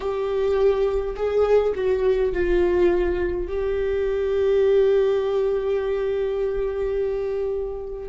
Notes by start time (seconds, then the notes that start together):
0.00 G4
1.15 G#4
1.75 F#4
2.32 F4
3.47 G4